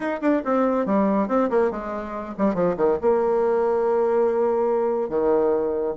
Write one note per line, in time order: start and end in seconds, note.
0.00 0.20 D#4
0.21 0.42 D4
0.44 0.85 C4
0.85 1.28 G3
1.28 1.49 C4
1.50 1.70 A#3
1.70 2.34 G#3
2.37 2.54 G3
2.54 2.75 F3
2.76 2.98 D#3
3.01 5.09 A#3
5.09 5.94 D#3